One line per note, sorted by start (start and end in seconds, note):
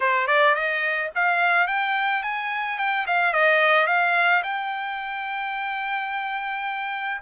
0.00 0.27 C5
0.27 0.55 D5
0.55 1.10 D#5
1.15 1.67 F5
1.67 2.22 G5
2.22 2.78 G#5
2.78 3.06 G5
3.07 3.33 F5
3.33 3.87 D#5
3.87 4.42 F5
4.43 7.21 G5